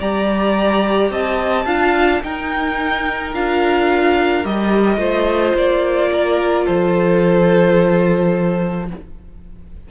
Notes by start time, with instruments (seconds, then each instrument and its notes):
0.00 cello G3, viola G4, violin D5 A#5
1.11 cello C4, violin D#5 A5
1.66 cello D4, viola F4, violin F5
2.23 cello D#4, viola D#4, violin A#4 G5
3.34 cello D4, viola F4, violin F5
4.44 cello G3, viola G4, violin D#5
4.98 cello A3, viola F4, violin C5
5.55 cello A#3, violin D5
6.12 violin A#4
6.66 cello F3, violin A4 C5